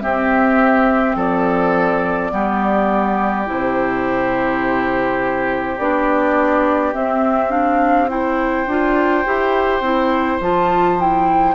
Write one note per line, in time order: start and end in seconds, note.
0.00 2.30 C4
0.00 1.15 C4
0.00 1.16 G4
0.00 1.16 E5
1.15 2.31 F3
1.15 2.31 A4
1.15 3.48 D5
2.30 3.47 G3
2.30 3.45 B3
2.30 8.10 G4
3.46 5.78 C3
3.46 5.76 E4
3.46 5.78 C5
5.78 6.94 B3
5.78 6.93 D4
5.78 6.93 D5
6.93 7.50 C4
6.93 8.67 C4
6.93 7.51 E5
7.50 8.07 D4
7.50 8.09 F5
8.08 8.66 E4
8.08 11.55 C5
8.08 10.40 G5
8.67 9.24 D4
8.67 9.25 F4
9.25 9.80 E4
9.25 9.82 G4
9.80 10.38 C4
9.80 10.41 E4
10.40 11.55 F3
10.40 10.98 F4
10.40 11.00 A5
10.98 11.55 E4
10.98 11.55 G5